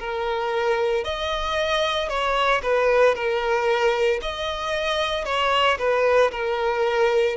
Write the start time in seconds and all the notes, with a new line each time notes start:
0.00 A#4
1.05 D#5
2.10 C#5
2.63 B4
3.16 A#4
4.22 D#5
5.26 C#5
5.79 B4
6.32 A#4